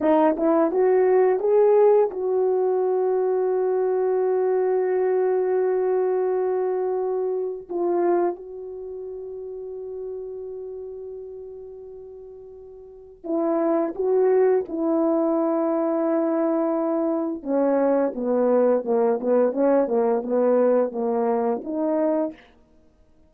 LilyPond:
\new Staff \with { instrumentName = "horn" } { \time 4/4 \tempo 4 = 86 dis'8 e'8 fis'4 gis'4 fis'4~ | fis'1~ | fis'2. f'4 | fis'1~ |
fis'2. e'4 | fis'4 e'2.~ | e'4 cis'4 b4 ais8 b8 | cis'8 ais8 b4 ais4 dis'4 | }